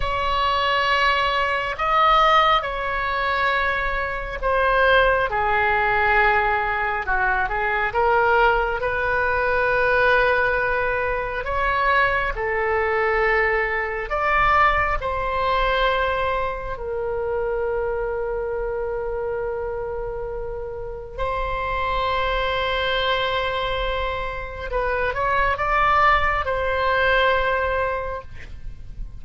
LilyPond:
\new Staff \with { instrumentName = "oboe" } { \time 4/4 \tempo 4 = 68 cis''2 dis''4 cis''4~ | cis''4 c''4 gis'2 | fis'8 gis'8 ais'4 b'2~ | b'4 cis''4 a'2 |
d''4 c''2 ais'4~ | ais'1 | c''1 | b'8 cis''8 d''4 c''2 | }